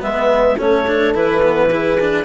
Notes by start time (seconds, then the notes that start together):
0.00 G#3 B3 B4 E5
0.57 A3 C#4 A4 C#5
0.87 D4
1.14 E3 E4 B4
1.43 B3
1.69 E4 G#4
2.00 D4